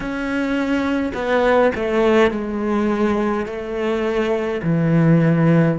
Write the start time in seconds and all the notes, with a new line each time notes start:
0.00 C#4
1.14 B3
1.75 A3
2.31 G#3
3.46 A3
4.63 E3